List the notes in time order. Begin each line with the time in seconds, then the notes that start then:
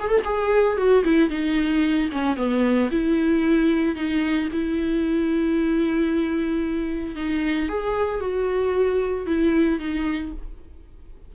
0.00 G#4
0.09 A4
0.24 G#4
0.77 F#4
1.04 E4
1.30 D#4
2.12 C#4
2.37 B3
2.91 E4
3.96 D#4
4.52 E4
7.16 D#4
7.69 G#4
8.20 F#4
9.27 E4
9.79 D#4